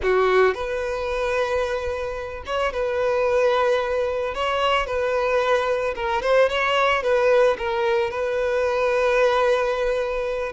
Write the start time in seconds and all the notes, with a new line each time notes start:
0.02 F#4
0.54 B4
2.46 C#5
2.72 B4
4.34 C#5
4.86 B4
5.95 A#4
6.22 C5
6.49 C#5
7.02 B4
7.57 A#4
8.10 B4